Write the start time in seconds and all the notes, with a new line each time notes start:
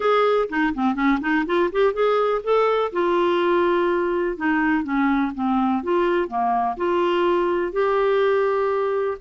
0.00 G#4
0.49 D#4
0.74 C4
0.94 C#4
1.21 D#4
1.46 F4
1.72 G4
1.93 G#4
2.43 A4
2.92 F4
4.37 D#4
4.83 C#4
5.34 C4
5.83 F4
6.27 A#3
6.76 F4
7.72 G4